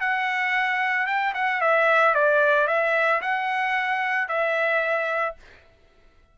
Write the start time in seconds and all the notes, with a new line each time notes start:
0.00 F#5
1.06 G5
1.34 F#5
1.61 E5
2.15 D5
2.67 E5
3.21 F#5
4.28 E5